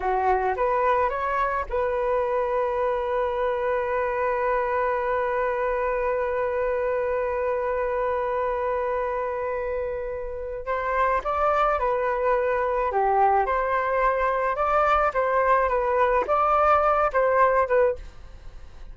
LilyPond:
\new Staff \with { instrumentName = "flute" } { \time 4/4 \tempo 4 = 107 fis'4 b'4 cis''4 b'4~ | b'1~ | b'1~ | b'1~ |
b'2. c''4 | d''4 b'2 g'4 | c''2 d''4 c''4 | b'4 d''4. c''4 b'8 | }